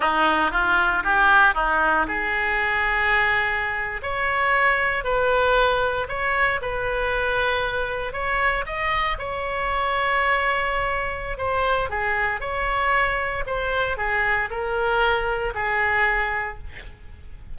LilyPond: \new Staff \with { instrumentName = "oboe" } { \time 4/4 \tempo 4 = 116 dis'4 f'4 g'4 dis'4 | gis'2.~ gis'8. cis''16~ | cis''4.~ cis''16 b'2 cis''16~ | cis''8. b'2. cis''16~ |
cis''8. dis''4 cis''2~ cis''16~ | cis''2 c''4 gis'4 | cis''2 c''4 gis'4 | ais'2 gis'2 | }